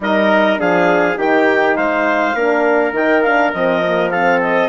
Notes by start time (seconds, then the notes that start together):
0.00 G3 D#4 A#4 D#5
0.57 F3 D4 G#4 F5
1.17 D#3 D#4 G4 G5
1.75 G#3 C5 F5
2.34 A#3 D4 A#4
2.92 D#3 D#4 G5
3.22 D4 F5
3.52 F3 C4 D#5
3.83 A#3
4.10 C4 A4 F5
4.41 D#5